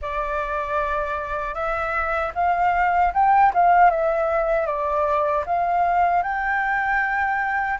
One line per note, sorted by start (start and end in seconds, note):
0.01 1.54 D5
1.54 2.32 E5
2.34 3.12 F5
3.13 3.52 G5
3.53 3.90 F5
3.90 4.66 E5
4.66 5.44 D5
5.45 6.22 F5
6.22 7.78 G5